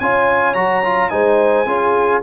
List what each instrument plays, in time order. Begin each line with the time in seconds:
0.00 tuba C#4, trombone F4, horn C#5, trumpet G#5
0.54 tuba F#3, trombone F#4, trumpet A#5
0.84 trombone F4
1.10 tuba G#3, trombone D#4, horn C5, trumpet G#5
1.66 tuba C#4, trombone F4, horn G#4